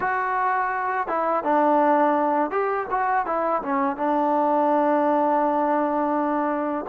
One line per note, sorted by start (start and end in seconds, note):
0.00 1.07 F#4
1.07 1.43 E4
1.43 2.50 D4
2.50 2.87 G4
2.90 3.26 F#4
3.26 3.62 E4
3.62 3.96 C#4
3.96 6.85 D4